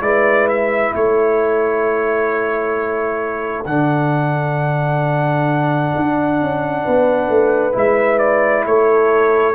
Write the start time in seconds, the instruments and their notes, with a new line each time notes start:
0.00 tuba G#3, trombone E4, horn B4, trumpet D5
0.49 trumpet E5
0.95 tuba A3, horn A4, trumpet C#5
3.66 tuba D3, trombone D4, trumpet F#5
5.96 tuba D4
6.41 tuba C#4
6.84 tuba B3, horn B4
7.29 tuba A3
7.72 tuba G#3, trombone E4, trumpet E5
8.19 trumpet D5
8.66 tuba A3, horn A4, trumpet C#5